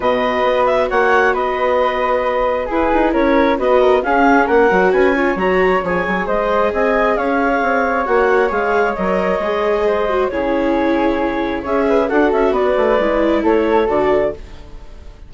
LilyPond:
<<
  \new Staff \with { instrumentName = "clarinet" } { \time 4/4 \tempo 4 = 134 dis''4. e''8 fis''4 dis''4~ | dis''2 b'4 cis''4 | dis''4 f''4 fis''4 gis''4 | ais''4 gis''4 dis''4 gis''4 |
f''2 fis''4 f''4 | dis''2. cis''4~ | cis''2 e''4 fis''8 e''8 | d''2 cis''4 d''4 | }
  \new Staff \with { instrumentName = "flute" } { \time 4/4 b'2 cis''4 b'4~ | b'2 gis'4 ais'4 | b'8 ais'8 gis'4 ais'4 b'8 cis''8~ | cis''2 c''4 dis''4 |
cis''1~ | cis''2 c''4 gis'4~ | gis'2 cis''8 b'8 a'4 | b'2 a'2 | }
  \new Staff \with { instrumentName = "viola" } { \time 4/4 fis'1~ | fis'2 e'2 | fis'4 cis'4. fis'4 f'8 | fis'4 gis'2.~ |
gis'2 fis'4 gis'4 | ais'4 gis'4. fis'8 e'4~ | e'2 gis'4 fis'4~ | fis'4 e'2 fis'4 | }
  \new Staff \with { instrumentName = "bassoon" } { \time 4/4 b,4 b4 ais4 b4~ | b2 e'8 dis'8 cis'4 | b4 cis'4 ais8 fis8 cis'4 | fis4 f8 fis8 gis4 c'4 |
cis'4 c'4 ais4 gis4 | fis4 gis2 cis4~ | cis2 cis'4 d'8 cis'8 | b8 a8 gis4 a4 d4 | }
>>